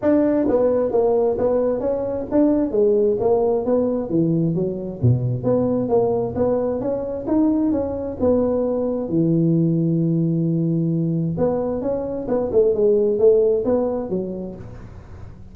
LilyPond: \new Staff \with { instrumentName = "tuba" } { \time 4/4 \tempo 4 = 132 d'4 b4 ais4 b4 | cis'4 d'4 gis4 ais4 | b4 e4 fis4 b,4 | b4 ais4 b4 cis'4 |
dis'4 cis'4 b2 | e1~ | e4 b4 cis'4 b8 a8 | gis4 a4 b4 fis4 | }